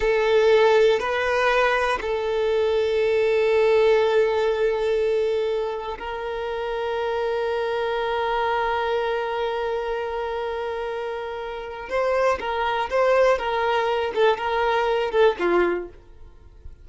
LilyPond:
\new Staff \with { instrumentName = "violin" } { \time 4/4 \tempo 4 = 121 a'2 b'2 | a'1~ | a'1 | ais'1~ |
ais'1~ | ais'1 | c''4 ais'4 c''4 ais'4~ | ais'8 a'8 ais'4. a'8 f'4 | }